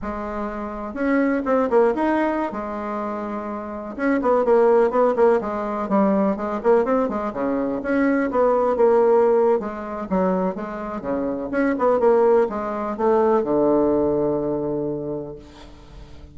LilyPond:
\new Staff \with { instrumentName = "bassoon" } { \time 4/4 \tempo 4 = 125 gis2 cis'4 c'8 ais8 | dis'4~ dis'16 gis2~ gis8.~ | gis16 cis'8 b8 ais4 b8 ais8 gis8.~ | gis16 g4 gis8 ais8 c'8 gis8 cis8.~ |
cis16 cis'4 b4 ais4.~ ais16 | gis4 fis4 gis4 cis4 | cis'8 b8 ais4 gis4 a4 | d1 | }